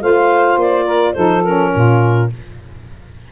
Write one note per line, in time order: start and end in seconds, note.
0.00 0.57 A3
0.00 1.14 F4
0.00 0.85 C5
0.00 0.59 F5
0.57 1.14 A#3
0.57 1.13 D5
0.85 1.14 A#4
1.13 1.74 F3
1.13 1.43 D#4
1.13 1.71 A4
1.13 1.42 C5
1.44 2.30 C#4
1.44 2.29 A#4
1.74 2.32 A#2
1.74 2.32 F4